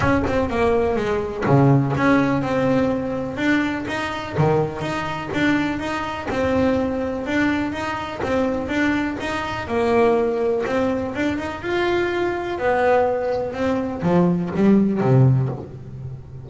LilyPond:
\new Staff \with { instrumentName = "double bass" } { \time 4/4 \tempo 4 = 124 cis'8 c'8 ais4 gis4 cis4 | cis'4 c'2 d'4 | dis'4 dis4 dis'4 d'4 | dis'4 c'2 d'4 |
dis'4 c'4 d'4 dis'4 | ais2 c'4 d'8 dis'8 | f'2 b2 | c'4 f4 g4 c4 | }